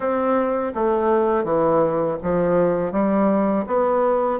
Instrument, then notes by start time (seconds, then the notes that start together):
bassoon
0.00 C4
0.74 A3
1.43 E3
2.22 F3
2.92 G3
3.66 B3